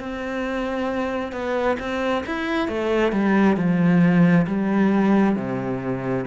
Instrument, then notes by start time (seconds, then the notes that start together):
cello
0.00 C4
1.32 B3
1.80 C4
2.26 E4
2.69 A3
3.12 G3
3.57 F3
4.47 G3
5.36 C3